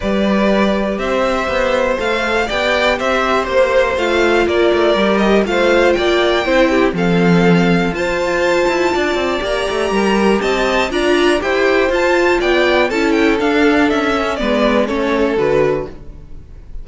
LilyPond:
<<
  \new Staff \with { instrumentName = "violin" } { \time 4/4 \tempo 4 = 121 d''2 e''2 | f''4 g''4 e''4 c''4 | f''4 d''4. dis''8 f''4 | g''2 f''2 |
a''2. ais''4~ | ais''4 a''4 ais''4 g''4 | a''4 g''4 a''8 g''8 f''4 | e''4 d''4 cis''4 b'4 | }
  \new Staff \with { instrumentName = "violin" } { \time 4/4 b'2 c''2~ | c''4 d''4 c''2~ | c''4 ais'2 c''4 | d''4 c''8 g'8 a'2 |
c''2 d''2 | ais'4 dis''4 d''4 c''4~ | c''4 d''4 a'2~ | a'4 b'4 a'2 | }
  \new Staff \with { instrumentName = "viola" } { \time 4/4 g'1 | a'4 g'2. | f'2 g'4 f'4~ | f'4 e'4 c'2 |
f'2. g'4~ | g'2 f'4 g'4 | f'2 e'4 d'4~ | d'8 cis'8 b4 cis'4 fis'4 | }
  \new Staff \with { instrumentName = "cello" } { \time 4/4 g2 c'4 b4 | a4 b4 c'4 ais4 | a4 ais8 a8 g4 a4 | ais4 c'4 f2 |
f'4. e'8 d'8 c'8 ais8 a8 | g4 c'4 d'4 e'4 | f'4 b4 cis'4 d'4 | cis'4 gis4 a4 d4 | }
>>